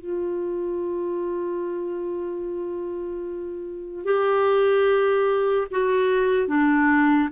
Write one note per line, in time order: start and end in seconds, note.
0.00 4.05 F4
4.05 5.67 G4
5.71 6.48 F#4
6.48 7.29 D4